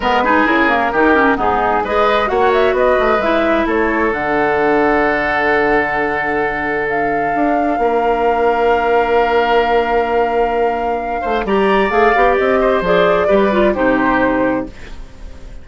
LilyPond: <<
  \new Staff \with { instrumentName = "flute" } { \time 4/4 \tempo 4 = 131 b'4 ais'2 gis'4 | dis''4 fis''8 e''8 dis''4 e''4 | cis''4 fis''2.~ | fis''2. f''4~ |
f''1~ | f''1~ | f''4 ais''4 f''4 dis''4 | d''2 c''2 | }
  \new Staff \with { instrumentName = "oboe" } { \time 4/4 ais'8 gis'4. g'4 dis'4 | b'4 cis''4 b'2 | a'1~ | a'1~ |
a'4 ais'2.~ | ais'1~ | ais'8 c''8 d''2~ d''8 c''8~ | c''4 b'4 g'2 | }
  \new Staff \with { instrumentName = "clarinet" } { \time 4/4 b8 dis'8 e'8 ais8 dis'8 cis'8 b4 | gis'4 fis'2 e'4~ | e'4 d'2.~ | d'1~ |
d'1~ | d'1~ | d'4 g'4 gis'8 g'4. | gis'4 g'8 f'8 dis'2 | }
  \new Staff \with { instrumentName = "bassoon" } { \time 4/4 gis4 cis4 dis4 gis,4 | gis4 ais4 b8 a8 gis4 | a4 d2.~ | d1 |
d'4 ais2.~ | ais1~ | ais8 a8 g4 a8 b8 c'4 | f4 g4 c2 | }
>>